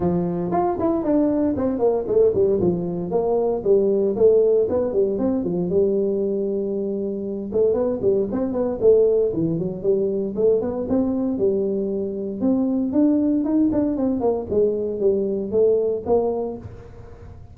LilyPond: \new Staff \with { instrumentName = "tuba" } { \time 4/4 \tempo 4 = 116 f4 f'8 e'8 d'4 c'8 ais8 | a8 g8 f4 ais4 g4 | a4 b8 g8 c'8 f8 g4~ | g2~ g8 a8 b8 g8 |
c'8 b8 a4 e8 fis8 g4 | a8 b8 c'4 g2 | c'4 d'4 dis'8 d'8 c'8 ais8 | gis4 g4 a4 ais4 | }